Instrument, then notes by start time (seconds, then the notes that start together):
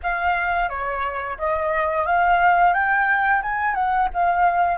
flute
0.02 F5
0.68 C#5
1.38 D#5
2.06 F5
2.73 G5
3.42 G#5
3.74 F#5
4.13 F5